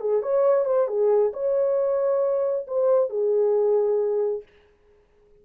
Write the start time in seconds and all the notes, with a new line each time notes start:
0.00 G#4
0.22 C#5
0.65 C5
0.87 G#4
1.33 C#5
2.67 C5
3.09 G#4